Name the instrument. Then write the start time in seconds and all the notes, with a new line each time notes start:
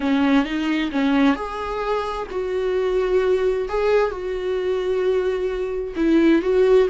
viola
0.00 C#4
0.45 D#4
0.91 C#4
1.35 G#4
2.30 F#4
3.68 G#4
4.10 F#4
5.96 E4
6.42 F#4